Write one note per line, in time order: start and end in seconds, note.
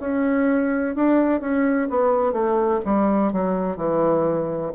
0.00 0.95 C#4
0.95 1.41 D4
1.41 1.88 C#4
1.90 2.32 B3
2.32 2.80 A3
2.85 3.32 G3
3.32 3.77 F#3
3.77 4.72 E3